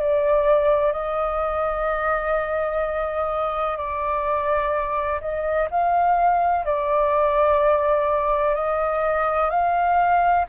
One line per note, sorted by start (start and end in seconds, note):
0.00 0.93 D5
0.93 3.77 D#5
3.77 5.20 D5
5.21 5.68 D#5
5.71 6.65 F5
6.65 8.55 D5
8.55 9.50 D#5
9.50 10.45 F5